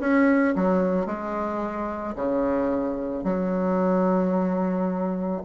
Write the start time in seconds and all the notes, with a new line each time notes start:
0.00 C#4
0.56 F#3
1.06 G#3
2.16 C#3
3.24 F#3